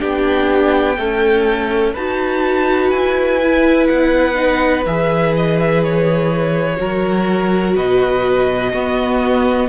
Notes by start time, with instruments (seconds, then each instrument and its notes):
0.00 cello B3, viola D4, violin G4 G5
0.98 viola A3, cello C#4, violin A4
1.94 cello D#4, viola F#4, violin B4 A5
2.90 cello E4, violin G#5
3.43 viola E4
3.88 cello B3, violin F#5
4.35 viola D#4
4.86 cello E3, viola G#4, violin E5
5.36 violin D#5
5.60 violin E5
5.83 violin C#5
6.76 cello F#3, viola F#4, violin A#4
7.76 cello B2, violin B4 D#5
8.73 cello B3, viola B3, violin F#4